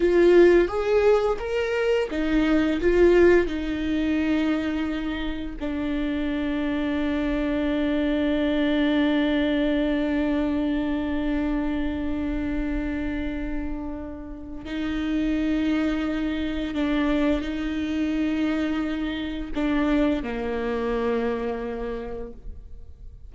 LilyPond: \new Staff \with { instrumentName = "viola" } { \time 4/4 \tempo 4 = 86 f'4 gis'4 ais'4 dis'4 | f'4 dis'2. | d'1~ | d'1~ |
d'1~ | d'4 dis'2. | d'4 dis'2. | d'4 ais2. | }